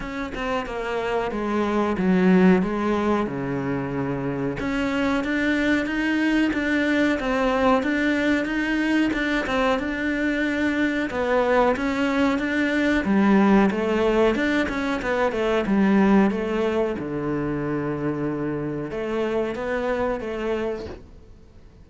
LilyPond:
\new Staff \with { instrumentName = "cello" } { \time 4/4 \tempo 4 = 92 cis'8 c'8 ais4 gis4 fis4 | gis4 cis2 cis'4 | d'4 dis'4 d'4 c'4 | d'4 dis'4 d'8 c'8 d'4~ |
d'4 b4 cis'4 d'4 | g4 a4 d'8 cis'8 b8 a8 | g4 a4 d2~ | d4 a4 b4 a4 | }